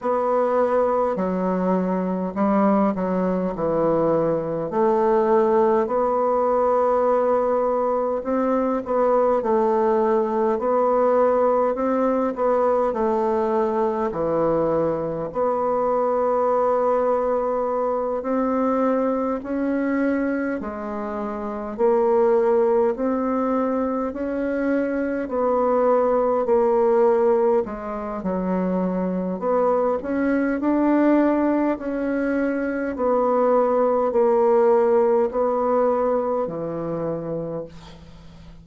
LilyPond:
\new Staff \with { instrumentName = "bassoon" } { \time 4/4 \tempo 4 = 51 b4 fis4 g8 fis8 e4 | a4 b2 c'8 b8 | a4 b4 c'8 b8 a4 | e4 b2~ b8 c'8~ |
c'8 cis'4 gis4 ais4 c'8~ | c'8 cis'4 b4 ais4 gis8 | fis4 b8 cis'8 d'4 cis'4 | b4 ais4 b4 e4 | }